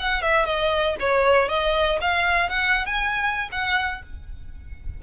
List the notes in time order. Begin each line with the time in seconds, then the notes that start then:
0.00 F#5
0.22 E5
0.46 D#5
1.00 C#5
1.49 D#5
2.01 F5
2.50 F#5
2.86 G#5
3.52 F#5